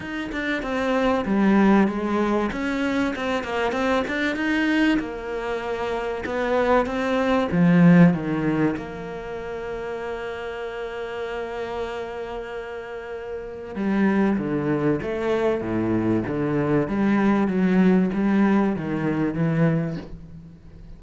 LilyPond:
\new Staff \with { instrumentName = "cello" } { \time 4/4 \tempo 4 = 96 dis'8 d'8 c'4 g4 gis4 | cis'4 c'8 ais8 c'8 d'8 dis'4 | ais2 b4 c'4 | f4 dis4 ais2~ |
ais1~ | ais2 g4 d4 | a4 a,4 d4 g4 | fis4 g4 dis4 e4 | }